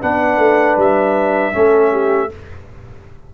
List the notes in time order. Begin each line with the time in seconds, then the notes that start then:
0.00 B3 D4 B4 F#5
0.37 A3
0.76 G3 E5
1.52 A3 C#4 A4
1.91 G4